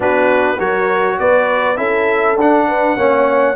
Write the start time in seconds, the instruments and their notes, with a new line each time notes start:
0.00 tuba B3, trombone D4, horn F#4, trumpet B4
0.56 tuba F#3, trombone F#4, horn A#4, trumpet C#5
1.19 tuba B3, horn B4, trumpet D5
1.76 tuba C#4, trombone E4, horn A4, trumpet E5
2.36 tuba D4, trombone D4, trumpet F#5
2.67 horn B4
2.96 tuba A#3, trombone C#4, horn C#5